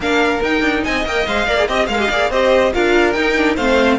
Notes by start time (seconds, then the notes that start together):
0.00 A#3 D4 A#4 F5
0.42 D#4 G5
0.61 D4
0.83 C4 D#5 G#5
1.05 A#3 A#4 G5
1.26 G#3 C5 F5
1.47 A#3 A#4 D5
1.57 G#4
1.67 C4 G4 D#5
1.86 G#3 A#4 F5
1.98 G4 D#5
2.10 A#3 G#4 D5
2.29 C4 G4 C5 D#5
2.72 D4 F4 A#4 F5
3.12 D#4 G5
3.36 D4
3.56 A3 C4 C5 F5